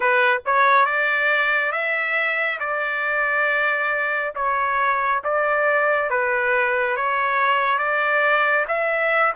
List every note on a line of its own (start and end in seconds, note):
0.00 0.40 B4
0.45 0.85 C#5
0.85 1.72 D5
1.72 2.58 E5
2.59 4.33 D5
4.35 5.22 C#5
5.24 6.09 D5
6.09 6.96 B4
6.96 7.78 C#5
7.78 8.65 D5
8.68 9.33 E5